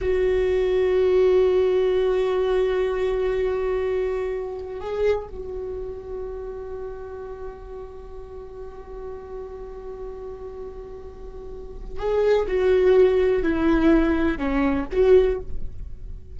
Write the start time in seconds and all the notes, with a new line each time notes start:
0.01 F#4
4.80 G#4
5.28 F#4
11.98 G#4
12.47 F#4
13.42 E4
14.38 C#4
14.91 F#4